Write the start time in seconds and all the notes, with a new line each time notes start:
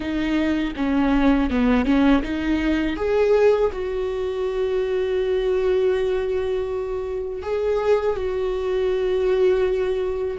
0.00 D#4
0.76 C#4
1.50 B3
1.85 C#4
2.22 D#4
2.96 G#4
3.72 F#4
7.42 G#4
8.15 F#4